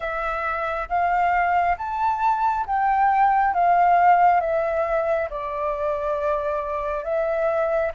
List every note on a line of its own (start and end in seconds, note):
0.00 0.88 E5
0.88 1.76 F5
1.77 2.66 A5
2.66 3.54 G5
3.54 4.40 F5
4.40 5.28 E5
5.30 7.03 D5
7.03 7.92 E5